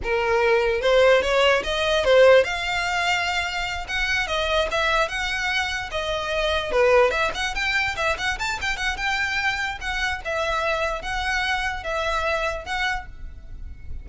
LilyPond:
\new Staff \with { instrumentName = "violin" } { \time 4/4 \tempo 4 = 147 ais'2 c''4 cis''4 | dis''4 c''4 f''2~ | f''4. fis''4 dis''4 e''8~ | e''8 fis''2 dis''4.~ |
dis''8 b'4 e''8 fis''8 g''4 e''8 | fis''8 a''8 g''8 fis''8 g''2 | fis''4 e''2 fis''4~ | fis''4 e''2 fis''4 | }